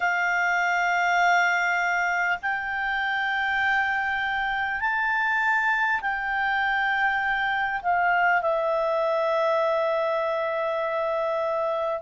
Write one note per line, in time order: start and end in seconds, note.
0.00 2.38 F5
2.42 4.80 G5
4.80 6.00 A5
6.01 7.81 G5
7.82 8.41 F5
8.41 12.01 E5